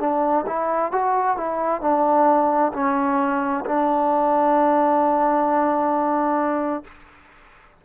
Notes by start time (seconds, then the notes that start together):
0.00 D4
0.47 E4
0.92 F#4
1.37 E4
1.81 D4
2.74 C#4
3.66 D4